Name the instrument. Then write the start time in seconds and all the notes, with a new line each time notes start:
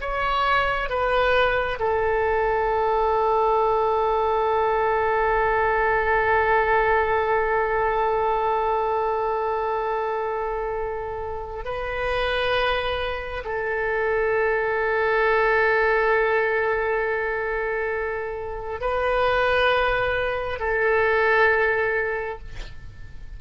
oboe
0.00 C#5
0.89 B4
1.79 A4
11.64 B4
13.45 A4
18.80 B4
20.59 A4